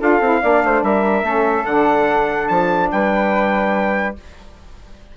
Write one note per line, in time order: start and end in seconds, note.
0.00 0.20 D4
0.00 0.21 F4
0.00 0.41 A4
0.00 0.83 F5
0.20 0.41 C4
0.20 0.42 E4
0.42 0.64 A#3
0.42 1.23 D4
0.42 0.63 D5
0.64 0.82 A3
0.64 0.84 C5
0.82 1.23 G3
0.82 1.25 A#4
0.82 1.65 E5
1.23 1.64 A3
1.23 1.65 C#4
1.23 2.90 A4
1.65 2.48 D3
1.65 4.15 D4
1.65 2.48 F#5
2.48 2.91 F3
2.48 2.89 A5
2.91 4.16 G3
2.91 4.17 B4
2.91 4.15 G5